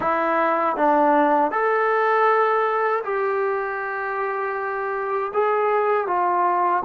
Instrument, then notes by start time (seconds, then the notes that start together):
trombone
0.00 E4
0.76 D4
1.51 A4
3.04 G4
5.33 G#4
6.07 F4